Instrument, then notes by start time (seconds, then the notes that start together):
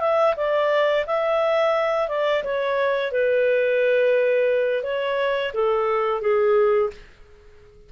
clarinet
0.00 E5
0.36 D5
1.07 E5
2.09 D5
2.44 C#5
3.12 B4
4.83 C#5
5.54 A4
6.21 G#4